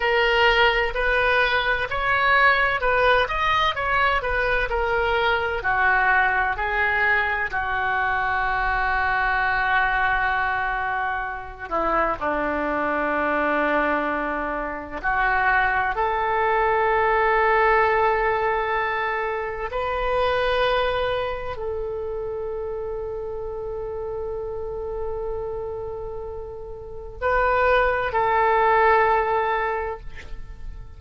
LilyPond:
\new Staff \with { instrumentName = "oboe" } { \time 4/4 \tempo 4 = 64 ais'4 b'4 cis''4 b'8 dis''8 | cis''8 b'8 ais'4 fis'4 gis'4 | fis'1~ | fis'8 e'8 d'2. |
fis'4 a'2.~ | a'4 b'2 a'4~ | a'1~ | a'4 b'4 a'2 | }